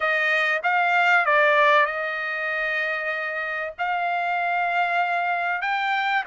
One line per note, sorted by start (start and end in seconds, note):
0.00 0.61 D#5
0.63 1.25 F5
1.25 1.86 D5
1.86 3.73 D#5
3.78 5.61 F5
5.61 6.24 G5